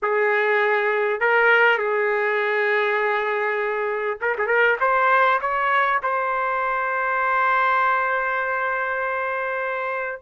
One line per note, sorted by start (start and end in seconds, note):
0.02 1.20 G#4
1.20 1.78 A#4
1.78 4.18 G#4
4.21 4.36 A#4
4.37 4.46 G#4
4.46 4.76 A#4
4.80 5.40 C5
5.41 6.01 C#5
6.02 10.21 C5